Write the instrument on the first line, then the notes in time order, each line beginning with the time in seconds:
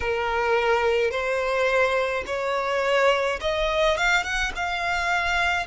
violin
0.00 A#4
1.10 C5
2.26 C#5
3.40 D#5
3.97 F5
4.23 F#5
4.55 F5